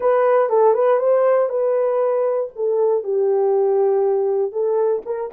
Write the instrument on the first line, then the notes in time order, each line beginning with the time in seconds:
horn
0.00 B4
0.49 A4
0.73 B4
0.99 C5
1.49 B4
2.55 A4
3.03 G4
4.52 A4
5.05 A#4